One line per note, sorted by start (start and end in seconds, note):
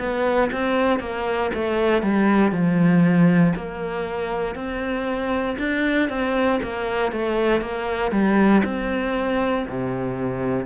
0.00 0.51 B3
0.53 1.00 C4
1.00 1.51 A#3
1.54 2.03 A3
2.03 2.52 G3
2.52 3.54 F3
3.56 4.55 A#3
4.55 5.57 C4
5.59 6.10 D4
6.10 6.61 C4
6.63 7.12 A#3
7.12 7.62 A3
7.62 8.12 A#3
8.12 8.63 G3
8.65 9.67 C4
9.68 10.66 C3